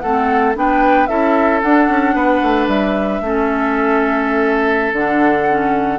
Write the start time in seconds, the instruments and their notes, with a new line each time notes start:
0.00 bassoon A3, clarinet C4, oboe A4, flute F#5
0.55 bassoon B3, clarinet D4, oboe B4, flute G5
1.07 bassoon C#4, clarinet E4, oboe A4, flute E5
1.62 bassoon D4, clarinet D4, flute F#5
1.89 bassoon C#4
2.14 bassoon B3, oboe B4
2.42 bassoon A3
2.67 bassoon G3, flute E5
3.21 bassoon A3, clarinet C#4, oboe A4
4.93 bassoon D3, clarinet D4, flute F#5
5.50 clarinet C#4